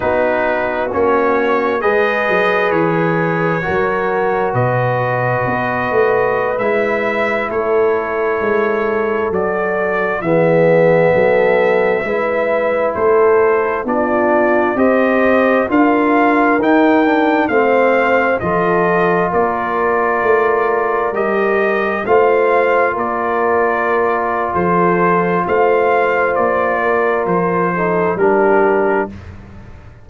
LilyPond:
<<
  \new Staff \with { instrumentName = "trumpet" } { \time 4/4 \tempo 4 = 66 b'4 cis''4 dis''4 cis''4~ | cis''4 dis''2~ dis''16 e''8.~ | e''16 cis''2 d''4 e''8.~ | e''2~ e''16 c''4 d''8.~ |
d''16 dis''4 f''4 g''4 f''8.~ | f''16 dis''4 d''2 dis''8.~ | dis''16 f''4 d''4.~ d''16 c''4 | f''4 d''4 c''4 ais'4 | }
  \new Staff \with { instrumentName = "horn" } { \time 4/4 fis'2 b'2 | ais'4 b'2.~ | b'16 a'2. gis'8.~ | gis'16 a'4 b'4 a'4 f'8.~ |
f'16 c''4 ais'2 c''8.~ | c''16 a'4 ais'2~ ais'8.~ | ais'16 c''4 ais'4.~ ais'16 a'4 | c''4. ais'4 a'8 g'4 | }
  \new Staff \with { instrumentName = "trombone" } { \time 4/4 dis'4 cis'4 gis'2 | fis'2.~ fis'16 e'8.~ | e'2~ e'16 fis'4 b8.~ | b4~ b16 e'2 d'8.~ |
d'16 g'4 f'4 dis'8 d'8 c'8.~ | c'16 f'2. g'8.~ | g'16 f'2.~ f'8.~ | f'2~ f'8 dis'8 d'4 | }
  \new Staff \with { instrumentName = "tuba" } { \time 4/4 b4 ais4 gis8 fis8 e4 | fis4 b,4 b8 a8. gis8.~ | gis16 a4 gis4 fis4 e8.~ | e16 fis4 gis4 a4 b8.~ |
b16 c'4 d'4 dis'4 a8.~ | a16 f4 ais4 a4 g8.~ | g16 a4 ais4.~ ais16 f4 | a4 ais4 f4 g4 | }
>>